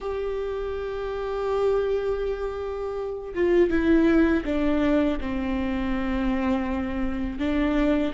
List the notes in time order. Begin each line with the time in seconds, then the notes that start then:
0.00 G4
3.34 F4
3.69 E4
4.44 D4
5.20 C4
7.39 D4